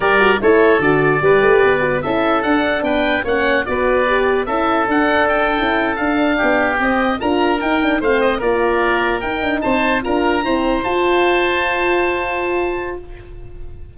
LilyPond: <<
  \new Staff \with { instrumentName = "oboe" } { \time 4/4 \tempo 4 = 148 d''4 cis''4 d''2~ | d''4 e''4 fis''4 g''4 | fis''4 d''2 e''4 | fis''4 g''4.~ g''16 f''4~ f''16~ |
f''8. dis''4 ais''4 g''4 f''16~ | f''16 dis''8 d''2 g''4 a''16~ | a''8. ais''2 a''4~ a''16~ | a''1 | }
  \new Staff \with { instrumentName = "oboe" } { \time 4/4 ais'4 a'2 b'4~ | b'4 a'2 b'4 | cis''4 b'2 a'4~ | a'2.~ a'8. g'16~ |
g'4.~ g'16 ais'2 c''16~ | c''8. ais'2. c''16~ | c''8. ais'4 c''2~ c''16~ | c''1 | }
  \new Staff \with { instrumentName = "horn" } { \time 4/4 g'8 fis'8 e'4 fis'4 g'4~ | g'8 fis'8 e'4 d'2 | cis'4 fis'4 g'4 e'4 | d'4.~ d'16 e'4 d'4~ d'16~ |
d'8. c'4 f'4 dis'8 d'8 c'16~ | c'8. f'2 dis'4~ dis'16~ | dis'8. f'4 c'4 f'4~ f'16~ | f'1 | }
  \new Staff \with { instrumentName = "tuba" } { \time 4/4 g4 a4 d4 g8 a8 | b4 cis'4 d'4 b4 | ais4 b2 cis'4 | d'4.~ d'16 cis'4 d'4 b16~ |
b8. c'4 d'4 dis'4 a16~ | a8. ais2 dis'8 d'8 c'16~ | c'8. d'4 e'4 f'4~ f'16~ | f'1 | }
>>